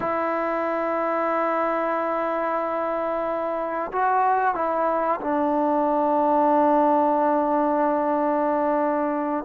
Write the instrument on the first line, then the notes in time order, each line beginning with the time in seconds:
trombone
0.00 E4
3.92 F#4
4.54 E4
5.20 D4